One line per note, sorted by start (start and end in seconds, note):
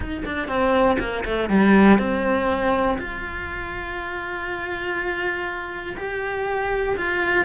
0.00 0.24 D#4
0.25 0.48 D4
0.48 0.97 C4
0.99 1.24 A#3
1.25 1.49 A3
1.49 1.98 G3
1.98 2.97 C4
2.98 5.95 F4
5.97 6.96 G4
6.97 7.45 F4